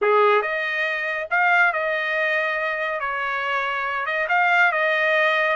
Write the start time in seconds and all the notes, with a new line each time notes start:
0.01 G#4
0.41 D#5
1.30 F5
1.72 D#5
2.99 C#5
4.06 D#5
4.29 F5
4.72 D#5